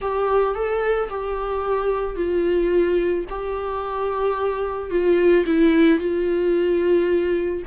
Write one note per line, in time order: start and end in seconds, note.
0.01 0.54 G4
0.54 1.09 A4
1.09 2.15 G4
2.15 3.25 F4
3.29 4.90 G4
4.90 5.44 F4
5.46 5.99 E4
5.99 7.62 F4